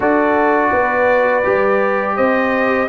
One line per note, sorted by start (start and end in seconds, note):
0.00 0.72 D4
0.00 1.43 F#4
0.00 0.70 A4
0.00 2.16 D5
0.72 1.44 B3
0.72 2.16 B4
1.43 2.17 G3
1.43 2.88 G4
2.16 2.88 C4
2.16 2.88 C5
2.16 2.88 D#5